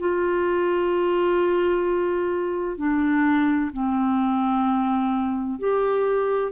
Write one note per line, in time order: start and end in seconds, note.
0.00 2.78 F4
2.78 3.72 D4
3.73 5.60 C4
5.60 6.52 G4